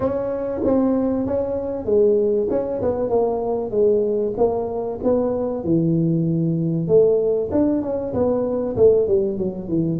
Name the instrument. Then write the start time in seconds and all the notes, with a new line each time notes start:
tuba
0.00 C#4
0.64 C4
1.26 C#4
1.85 G#3
2.50 C#4
2.82 B3
3.09 A#3
3.70 G#3
4.37 A#3
5.03 B3
5.64 E3
6.87 A3
7.51 D4
7.82 C#4
8.13 B3
8.76 A3
9.07 G3
9.38 F#3
9.68 E3